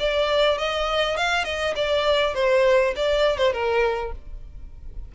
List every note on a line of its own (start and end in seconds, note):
0.00 0.58 D5
0.58 1.17 D#5
1.17 1.45 F5
1.45 1.74 D#5
1.76 2.35 D5
2.35 2.94 C5
2.96 3.38 D5
3.38 3.53 C5
3.53 4.12 A#4